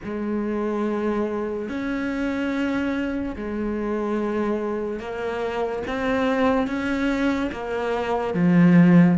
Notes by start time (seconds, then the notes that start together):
0.03 G#3
1.69 C#4
3.36 G#3
4.99 A#3
5.87 C4
6.67 C#4
7.52 A#3
8.34 F3